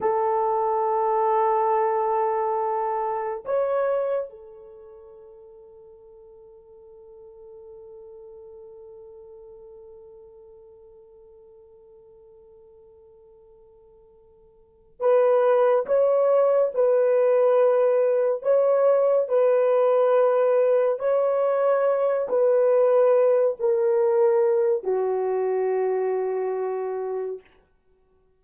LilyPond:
\new Staff \with { instrumentName = "horn" } { \time 4/4 \tempo 4 = 70 a'1 | cis''4 a'2.~ | a'1~ | a'1~ |
a'4. b'4 cis''4 b'8~ | b'4. cis''4 b'4.~ | b'8 cis''4. b'4. ais'8~ | ais'4 fis'2. | }